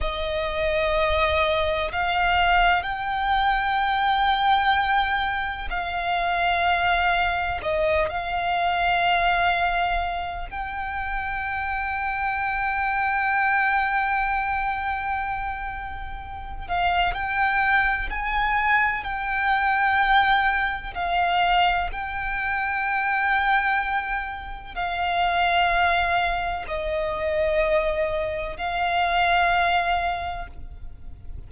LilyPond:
\new Staff \with { instrumentName = "violin" } { \time 4/4 \tempo 4 = 63 dis''2 f''4 g''4~ | g''2 f''2 | dis''8 f''2~ f''8 g''4~ | g''1~ |
g''4. f''8 g''4 gis''4 | g''2 f''4 g''4~ | g''2 f''2 | dis''2 f''2 | }